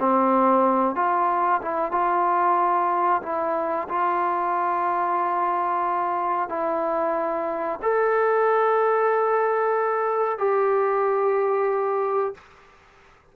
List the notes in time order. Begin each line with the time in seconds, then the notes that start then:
0.00 C4
0.96 F4
1.62 E4
1.91 F4
3.23 E4
3.89 F4
6.49 E4
7.82 A4
10.38 G4